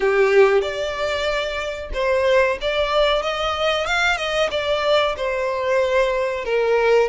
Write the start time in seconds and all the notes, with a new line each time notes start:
0.00 G4
0.61 D5
1.93 C5
2.61 D5
3.22 D#5
3.86 F5
4.17 D#5
4.50 D5
5.16 C5
6.45 A#4